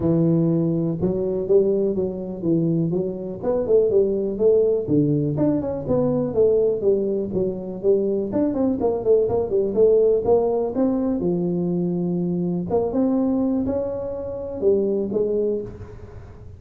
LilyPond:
\new Staff \with { instrumentName = "tuba" } { \time 4/4 \tempo 4 = 123 e2 fis4 g4 | fis4 e4 fis4 b8 a8 | g4 a4 d4 d'8 cis'8 | b4 a4 g4 fis4 |
g4 d'8 c'8 ais8 a8 ais8 g8 | a4 ais4 c'4 f4~ | f2 ais8 c'4. | cis'2 g4 gis4 | }